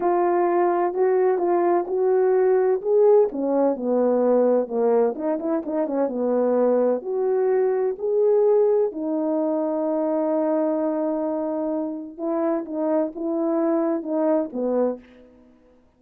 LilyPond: \new Staff \with { instrumentName = "horn" } { \time 4/4 \tempo 4 = 128 f'2 fis'4 f'4 | fis'2 gis'4 cis'4 | b2 ais4 dis'8 e'8 | dis'8 cis'8 b2 fis'4~ |
fis'4 gis'2 dis'4~ | dis'1~ | dis'2 e'4 dis'4 | e'2 dis'4 b4 | }